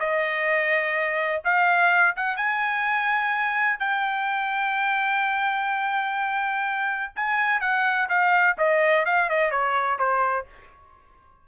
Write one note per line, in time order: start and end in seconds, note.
0.00 1.43 D#5
1.45 2.16 F5
2.16 2.37 F#5
2.37 3.80 G#5
3.80 7.13 G5
7.16 7.61 G#5
7.61 8.09 F#5
8.10 8.57 F5
8.58 9.06 D#5
9.06 9.30 F5
9.30 9.52 D#5
9.52 9.99 C#5
9.99 10.47 C5